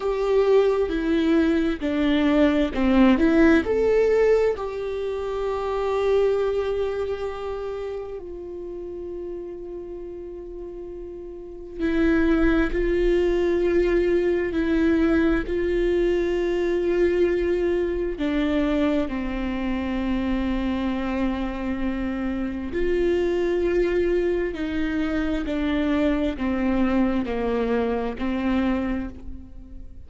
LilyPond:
\new Staff \with { instrumentName = "viola" } { \time 4/4 \tempo 4 = 66 g'4 e'4 d'4 c'8 e'8 | a'4 g'2.~ | g'4 f'2.~ | f'4 e'4 f'2 |
e'4 f'2. | d'4 c'2.~ | c'4 f'2 dis'4 | d'4 c'4 ais4 c'4 | }